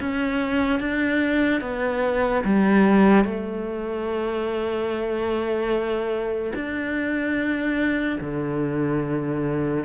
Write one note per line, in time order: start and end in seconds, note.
0.00 0.80 C#4
0.80 1.61 D4
1.61 2.43 B3
2.45 3.25 G3
3.25 6.53 A3
6.55 8.19 D4
8.21 9.85 D3